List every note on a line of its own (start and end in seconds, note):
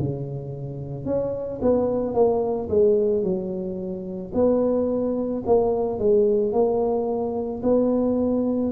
0.00 1.06 C#3
1.06 1.60 C#4
1.62 2.14 B3
2.14 2.69 A#3
2.70 3.23 G#3
3.23 4.32 F#3
4.34 5.43 B3
5.46 6.00 A#3
6.00 6.53 G#3
6.53 7.62 A#3
7.63 8.72 B3